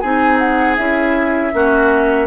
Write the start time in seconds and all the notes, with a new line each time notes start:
0.00 C4 D#4 G#4 G#5
0.39 F#5
0.77 C#4 E4 E5
1.53 A#3 C#4 F#4